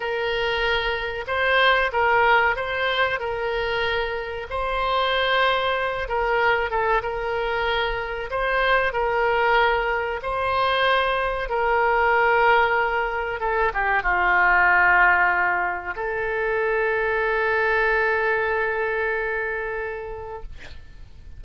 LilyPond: \new Staff \with { instrumentName = "oboe" } { \time 4/4 \tempo 4 = 94 ais'2 c''4 ais'4 | c''4 ais'2 c''4~ | c''4. ais'4 a'8 ais'4~ | ais'4 c''4 ais'2 |
c''2 ais'2~ | ais'4 a'8 g'8 f'2~ | f'4 a'2.~ | a'1 | }